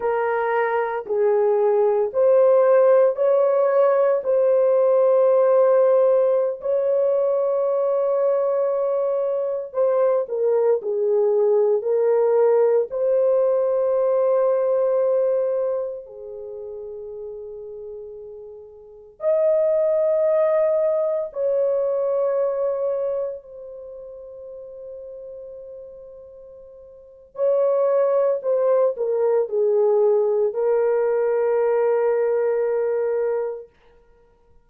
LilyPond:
\new Staff \with { instrumentName = "horn" } { \time 4/4 \tempo 4 = 57 ais'4 gis'4 c''4 cis''4 | c''2~ c''16 cis''4.~ cis''16~ | cis''4~ cis''16 c''8 ais'8 gis'4 ais'8.~ | ais'16 c''2. gis'8.~ |
gis'2~ gis'16 dis''4.~ dis''16~ | dis''16 cis''2 c''4.~ c''16~ | c''2 cis''4 c''8 ais'8 | gis'4 ais'2. | }